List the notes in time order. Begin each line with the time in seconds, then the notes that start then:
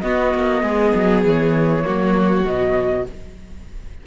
0.00 B3 F#4 D#5
0.35 A#3
0.63 G#3 G#4
0.95 F#3
1.26 E3 C#5
1.85 F#3 A#3 F#4
2.45 B2 F#3 D#5